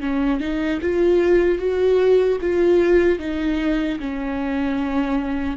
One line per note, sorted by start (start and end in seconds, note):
0.00 0.40 C#4
0.40 0.80 D#4
0.81 1.59 F4
1.59 2.39 F#4
2.41 3.19 F4
3.19 3.99 D#4
3.99 5.57 C#4